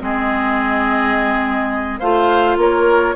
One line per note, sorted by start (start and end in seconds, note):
0.00 2.01 G#3
0.00 2.00 C4
0.00 2.00 G#4
0.00 1.99 D#5
1.99 2.57 A3
1.99 3.16 F4
1.99 2.57 C5
1.99 2.57 F5
2.57 3.14 A#3
2.57 3.16 A#4
2.57 3.16 C#5